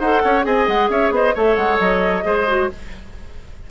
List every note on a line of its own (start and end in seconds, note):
0.00 0.23 D#4
0.00 0.43 A4
0.00 0.22 C5
0.00 0.45 F#5
0.24 0.46 C#4
0.24 0.46 C#5
0.43 0.68 C4
0.43 1.33 G#4
0.43 0.91 D#5
0.43 0.68 G#5
0.68 0.90 G#3
0.68 0.91 F#5
0.90 1.11 C#4
0.90 1.13 C#5
0.90 1.13 E5
1.11 1.34 B3
1.11 1.35 C5
1.11 1.37 D#5
1.35 1.57 A3
1.35 2.23 A4
1.35 2.24 C#5
1.35 1.57 E5
1.57 1.80 G#3
1.57 1.79 F#5
1.80 2.25 F#3
1.80 2.69 D#5
2.23 2.70 G#3
2.23 2.46 G#4
2.23 2.71 C5
2.48 2.70 F#4